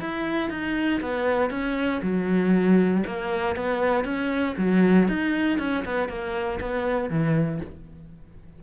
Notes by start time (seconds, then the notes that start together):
0.00 E4
0.50 D#4
1.01 B3
1.50 C#4
2.02 F#3
3.06 A#3
3.56 B3
4.05 C#4
4.58 F#3
5.08 D#4
5.59 C#4
5.85 B3
6.09 A#3
6.60 B3
7.10 E3